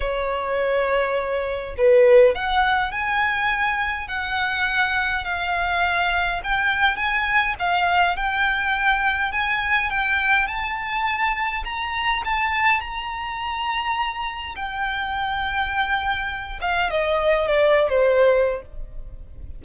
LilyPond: \new Staff \with { instrumentName = "violin" } { \time 4/4 \tempo 4 = 103 cis''2. b'4 | fis''4 gis''2 fis''4~ | fis''4 f''2 g''4 | gis''4 f''4 g''2 |
gis''4 g''4 a''2 | ais''4 a''4 ais''2~ | ais''4 g''2.~ | g''8 f''8 dis''4 d''8. c''4~ c''16 | }